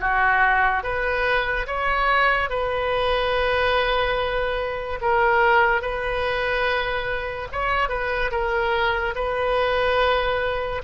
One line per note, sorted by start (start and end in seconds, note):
0.00 0.83 F#4
0.83 1.66 B4
1.67 2.50 C#5
2.50 5.00 B4
5.01 5.81 A#4
5.81 7.48 B4
7.52 7.89 C#5
7.89 8.31 B4
8.31 9.14 A#4
9.15 10.82 B4